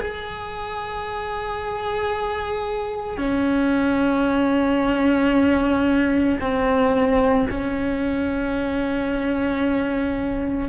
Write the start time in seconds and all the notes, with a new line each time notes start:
0.00 G#4
3.18 C#4
6.41 C4
7.50 C#4